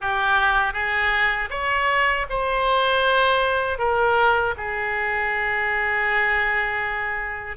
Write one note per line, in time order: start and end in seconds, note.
0.01 0.73 G4
0.73 1.49 G#4
1.49 2.25 C#5
2.29 3.78 C5
3.78 4.54 A#4
4.57 7.56 G#4